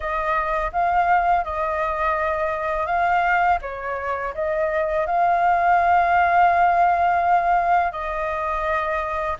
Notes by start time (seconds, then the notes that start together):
0.00 D#5
0.72 F5
1.44 D#5
2.86 F5
3.61 C#5
4.34 D#5
5.06 F5
7.92 D#5